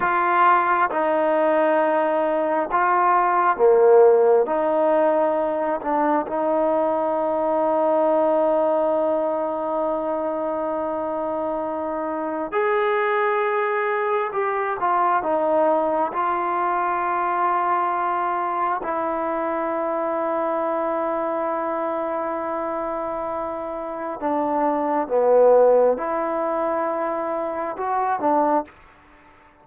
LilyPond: \new Staff \with { instrumentName = "trombone" } { \time 4/4 \tempo 4 = 67 f'4 dis'2 f'4 | ais4 dis'4. d'8 dis'4~ | dis'1~ | dis'2 gis'2 |
g'8 f'8 dis'4 f'2~ | f'4 e'2.~ | e'2. d'4 | b4 e'2 fis'8 d'8 | }